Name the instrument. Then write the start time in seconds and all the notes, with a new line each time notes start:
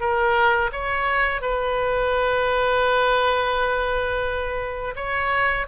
oboe
0.00 A#4
0.72 C#5
1.41 B4
4.96 C#5